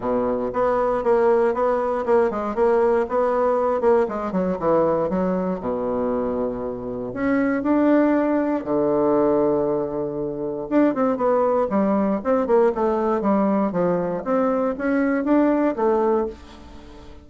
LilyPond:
\new Staff \with { instrumentName = "bassoon" } { \time 4/4 \tempo 4 = 118 b,4 b4 ais4 b4 | ais8 gis8 ais4 b4. ais8 | gis8 fis8 e4 fis4 b,4~ | b,2 cis'4 d'4~ |
d'4 d2.~ | d4 d'8 c'8 b4 g4 | c'8 ais8 a4 g4 f4 | c'4 cis'4 d'4 a4 | }